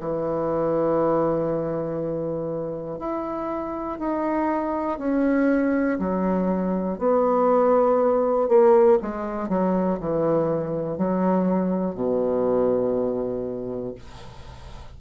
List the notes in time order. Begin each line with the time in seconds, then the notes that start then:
0.00 E3
2.99 E4
3.98 D#4
4.98 C#4
5.99 F#3
6.98 B3
8.48 A#3
9.02 G#3
9.48 F#3
10.00 E3
10.97 F#3
11.95 B2